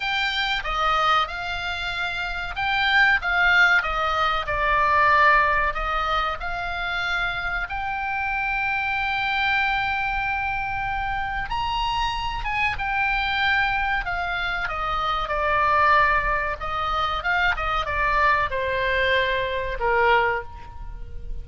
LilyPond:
\new Staff \with { instrumentName = "oboe" } { \time 4/4 \tempo 4 = 94 g''4 dis''4 f''2 | g''4 f''4 dis''4 d''4~ | d''4 dis''4 f''2 | g''1~ |
g''2 ais''4. gis''8 | g''2 f''4 dis''4 | d''2 dis''4 f''8 dis''8 | d''4 c''2 ais'4 | }